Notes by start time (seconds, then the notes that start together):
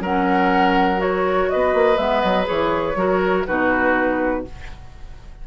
0.00 F#3 C#4 A#4 F#5
0.97 F#4 C#5
1.49 B3 B4 D#5
1.73 A#3
1.97 G#3 B3 E5
2.20 F#3 D#5
2.44 E3 G#4 C#5
2.95 F#3 F#4 A#4
3.46 B2 D#4 F#4 B4